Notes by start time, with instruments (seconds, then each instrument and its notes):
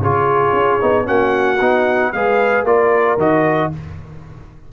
0.00 tuba C#3, trombone F4, horn G#4, trumpet C#5
0.52 tuba C#4
0.80 tuba B3, trombone D#4
1.04 tuba A#3, trombone C#4, horn F#4, trumpet F#5
1.60 tuba B3, trombone D#4
2.12 tuba G#3, trombone G#4, horn B4, trumpet F5
2.63 tuba A#3, trombone F4, horn A#4, trumpet D5
3.17 tuba D#3, trombone F#4, trumpet D#5